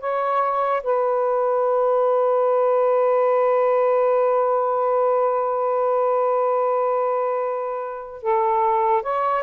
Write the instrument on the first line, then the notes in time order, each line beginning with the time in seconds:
saxophone
0.00 C#5
0.83 B4
8.22 A4
9.02 C#5